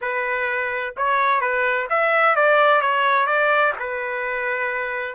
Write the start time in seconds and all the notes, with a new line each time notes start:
0.01 B4
0.97 C#5
1.40 B4
1.89 E5
2.35 D5
2.81 C#5
3.26 D5
3.79 B4